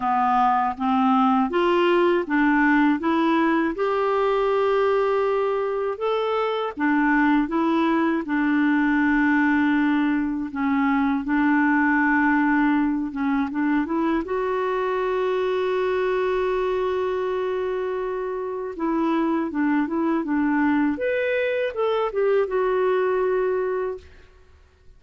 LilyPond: \new Staff \with { instrumentName = "clarinet" } { \time 4/4 \tempo 4 = 80 b4 c'4 f'4 d'4 | e'4 g'2. | a'4 d'4 e'4 d'4~ | d'2 cis'4 d'4~ |
d'4. cis'8 d'8 e'8 fis'4~ | fis'1~ | fis'4 e'4 d'8 e'8 d'4 | b'4 a'8 g'8 fis'2 | }